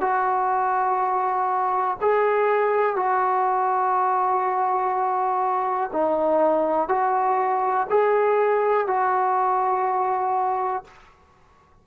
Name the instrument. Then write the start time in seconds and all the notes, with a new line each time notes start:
trombone
0.00 F#4
2.01 G#4
2.96 F#4
5.92 D#4
6.88 F#4
7.89 G#4
8.87 F#4